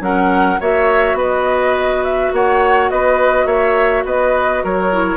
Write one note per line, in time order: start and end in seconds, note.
0.00 0.58 F#3
0.00 0.58 C#4
0.00 0.60 A#4
0.00 0.60 F#5
0.60 1.14 A#3
0.60 4.93 F#4
0.60 1.17 C#5
0.60 1.19 E5
1.14 2.29 B3
1.14 2.32 B4
1.20 2.04 D#5
2.04 2.33 E5
2.32 2.90 A#3
2.32 2.91 C#5
2.32 2.90 F#5
2.90 3.45 B3
2.90 3.46 B4
2.90 3.47 D#5
3.45 4.03 A#3
3.45 4.04 C#5
3.45 4.04 E5
4.05 4.63 B3
4.05 4.63 B4
4.05 4.64 D#5
4.63 5.17 F#3
4.63 5.17 A#4
4.63 5.17 C#5
4.93 5.17 E4